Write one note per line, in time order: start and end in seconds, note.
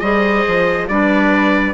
0.00 0.44 G3
0.00 0.88 G#4
0.00 0.87 C5
0.00 0.86 D#5
0.47 0.89 F3
0.88 1.74 G3
0.88 1.74 D4
0.88 1.74 B4
0.88 1.74 D5